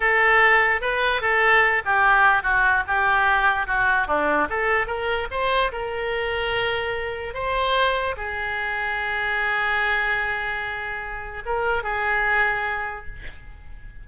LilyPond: \new Staff \with { instrumentName = "oboe" } { \time 4/4 \tempo 4 = 147 a'2 b'4 a'4~ | a'8 g'4. fis'4 g'4~ | g'4 fis'4 d'4 a'4 | ais'4 c''4 ais'2~ |
ais'2 c''2 | gis'1~ | gis'1 | ais'4 gis'2. | }